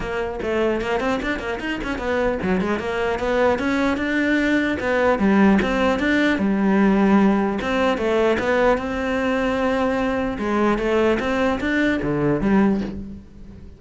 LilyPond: \new Staff \with { instrumentName = "cello" } { \time 4/4 \tempo 4 = 150 ais4 a4 ais8 c'8 d'8 ais8 | dis'8 cis'8 b4 fis8 gis8 ais4 | b4 cis'4 d'2 | b4 g4 c'4 d'4 |
g2. c'4 | a4 b4 c'2~ | c'2 gis4 a4 | c'4 d'4 d4 g4 | }